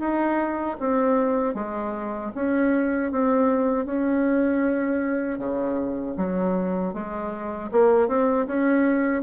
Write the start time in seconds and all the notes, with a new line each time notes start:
0.00 D#4
0.80 C4
1.55 G#3
2.35 C#4
3.12 C4
3.86 C#4
5.39 C#3
6.17 F#3
6.94 G#3
7.72 A#3
8.08 C4
8.47 C#4